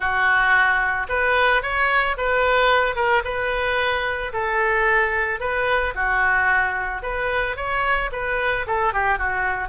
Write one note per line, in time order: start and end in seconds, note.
0.00 1.07 F#4
1.08 1.62 B4
1.62 2.16 C#5
2.17 2.95 B4
2.95 3.22 A#4
3.24 4.32 B4
4.32 5.39 A4
5.39 5.93 B4
5.94 7.02 F#4
7.02 7.56 B4
7.56 8.10 C#5
8.12 8.66 B4
8.67 8.93 A4
8.93 9.18 G4
9.18 9.68 F#4